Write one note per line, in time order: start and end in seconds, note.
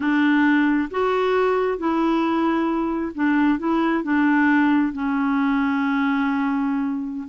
0.00 0.89 D4
0.91 1.78 F#4
1.78 3.12 E4
3.14 3.58 D4
3.58 4.03 E4
4.03 4.93 D4
4.93 7.28 C#4